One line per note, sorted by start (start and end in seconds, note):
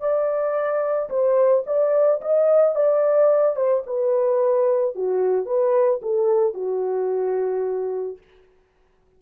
0.00 1.09 D5
1.10 1.64 C5
1.66 2.21 D5
2.21 2.75 D#5
2.75 3.56 D5
3.56 3.83 C5
3.87 4.95 B4
4.95 5.46 F#4
5.46 6.00 B4
6.02 6.54 A4
6.54 8.18 F#4